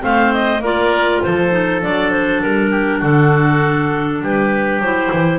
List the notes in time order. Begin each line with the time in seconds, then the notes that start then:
0.00 A3 C4 C5 F5
0.33 D#5
0.59 A#3 F4 A#4 D5
1.22 F3 A4 C5
1.51 D#4
1.82 F#3 D4 D5
2.11 C5
2.42 G3 A#4
2.71 G4
2.99 D3 F#4 A4
4.21 G3 G4 B4
4.79 F#3 E4 C5
5.13 E3